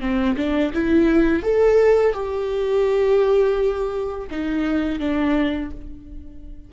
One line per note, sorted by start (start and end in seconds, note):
0.00 0.36 C4
0.36 0.72 D4
0.73 1.42 E4
1.42 2.13 A4
2.13 4.27 G4
4.31 4.99 D#4
4.99 5.70 D4